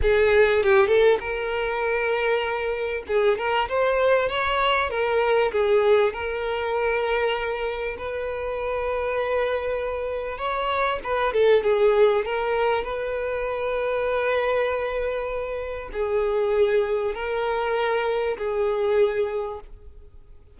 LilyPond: \new Staff \with { instrumentName = "violin" } { \time 4/4 \tempo 4 = 98 gis'4 g'8 a'8 ais'2~ | ais'4 gis'8 ais'8 c''4 cis''4 | ais'4 gis'4 ais'2~ | ais'4 b'2.~ |
b'4 cis''4 b'8 a'8 gis'4 | ais'4 b'2.~ | b'2 gis'2 | ais'2 gis'2 | }